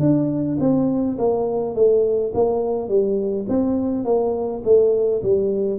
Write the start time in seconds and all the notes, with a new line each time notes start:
0.00 D4
0.60 C4
1.19 A#3
1.75 A3
2.34 A#3
2.89 G3
3.49 C4
4.05 A#3
4.65 A3
5.23 G3